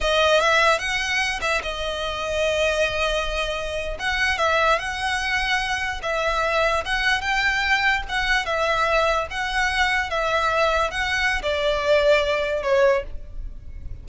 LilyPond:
\new Staff \with { instrumentName = "violin" } { \time 4/4 \tempo 4 = 147 dis''4 e''4 fis''4. e''8 | dis''1~ | dis''4.~ dis''16 fis''4 e''4 fis''16~ | fis''2~ fis''8. e''4~ e''16~ |
e''8. fis''4 g''2 fis''16~ | fis''8. e''2 fis''4~ fis''16~ | fis''8. e''2 fis''4~ fis''16 | d''2. cis''4 | }